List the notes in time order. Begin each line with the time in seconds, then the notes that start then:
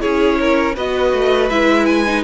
0.00 C#4 E4 G#4 C#5
0.40 A#4
0.76 B3 F#4 B4 D#5
1.13 A3
1.49 G#3 E4 E5
1.86 G#5
2.06 D#4